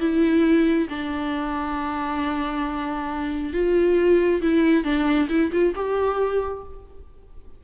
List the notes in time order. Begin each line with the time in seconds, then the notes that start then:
0.00 E4
0.89 D4
3.53 F4
4.42 E4
4.84 D4
5.29 E4
5.52 F4
5.76 G4